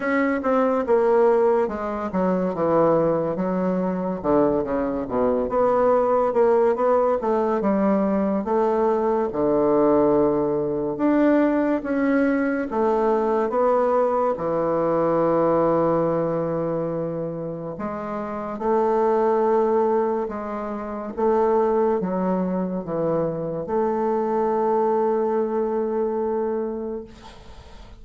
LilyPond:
\new Staff \with { instrumentName = "bassoon" } { \time 4/4 \tempo 4 = 71 cis'8 c'8 ais4 gis8 fis8 e4 | fis4 d8 cis8 b,8 b4 ais8 | b8 a8 g4 a4 d4~ | d4 d'4 cis'4 a4 |
b4 e2.~ | e4 gis4 a2 | gis4 a4 fis4 e4 | a1 | }